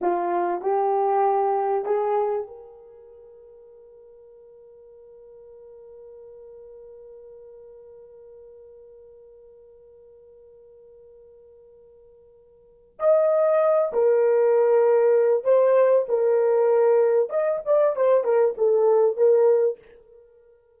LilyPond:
\new Staff \with { instrumentName = "horn" } { \time 4/4 \tempo 4 = 97 f'4 g'2 gis'4 | ais'1~ | ais'1~ | ais'1~ |
ais'1~ | ais'4 dis''4. ais'4.~ | ais'4 c''4 ais'2 | dis''8 d''8 c''8 ais'8 a'4 ais'4 | }